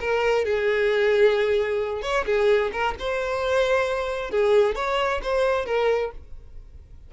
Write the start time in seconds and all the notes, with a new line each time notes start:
0.00 A#4
0.45 G#4
2.02 C#5
2.25 G#4
2.72 A#4
2.99 C5
4.30 G#4
4.75 C#5
5.23 C5
5.65 A#4